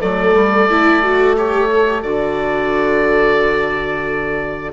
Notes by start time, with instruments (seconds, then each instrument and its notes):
0.00 bassoon F#3, viola A3, horn A4, oboe D5
0.35 bassoon G3
0.71 bassoon A3, viola E4
1.03 viola F#4
1.38 viola G4, oboe C#5
1.72 viola A4
1.87 viola G4
2.03 bassoon D3, viola F#4, oboe D5